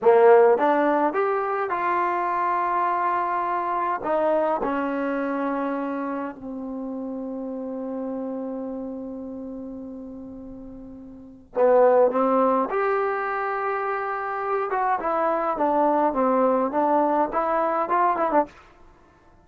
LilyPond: \new Staff \with { instrumentName = "trombone" } { \time 4/4 \tempo 4 = 104 ais4 d'4 g'4 f'4~ | f'2. dis'4 | cis'2. c'4~ | c'1~ |
c'1 | b4 c'4 g'2~ | g'4. fis'8 e'4 d'4 | c'4 d'4 e'4 f'8 e'16 d'16 | }